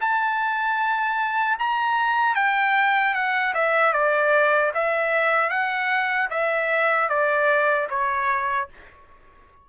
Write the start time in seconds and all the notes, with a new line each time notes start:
0.00 A5
1.59 A#5
2.35 G5
3.14 F#5
3.54 E5
3.93 D5
4.74 E5
5.49 F#5
6.30 E5
7.09 D5
7.89 C#5